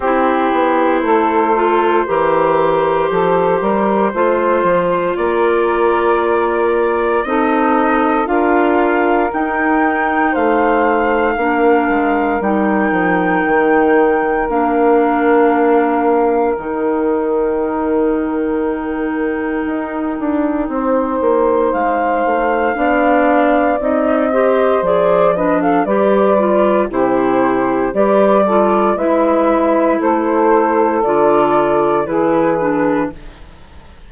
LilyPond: <<
  \new Staff \with { instrumentName = "flute" } { \time 4/4 \tempo 4 = 58 c''1~ | c''4 d''2 dis''4 | f''4 g''4 f''2 | g''2 f''2 |
g''1~ | g''4 f''2 dis''4 | d''8 dis''16 f''16 d''4 c''4 d''4 | e''4 c''4 d''4 b'4 | }
  \new Staff \with { instrumentName = "saxophone" } { \time 4/4 g'4 a'4 ais'4 a'8 ais'8 | c''4 ais'2 a'4 | ais'2 c''4 ais'4~ | ais'1~ |
ais'1 | c''2 d''4. c''8~ | c''8 b'16 a'16 b'4 g'4 b'8 a'8 | b'4 a'2 gis'4 | }
  \new Staff \with { instrumentName = "clarinet" } { \time 4/4 e'4. f'8 g'2 | f'2. dis'4 | f'4 dis'2 d'4 | dis'2 d'2 |
dis'1~ | dis'2 d'4 dis'8 g'8 | gis'8 d'8 g'8 f'8 e'4 g'8 f'8 | e'2 f'4 e'8 d'8 | }
  \new Staff \with { instrumentName = "bassoon" } { \time 4/4 c'8 b8 a4 e4 f8 g8 | a8 f8 ais2 c'4 | d'4 dis'4 a4 ais8 gis8 | g8 f8 dis4 ais2 |
dis2. dis'8 d'8 | c'8 ais8 gis8 a8 b4 c'4 | f4 g4 c4 g4 | gis4 a4 d4 e4 | }
>>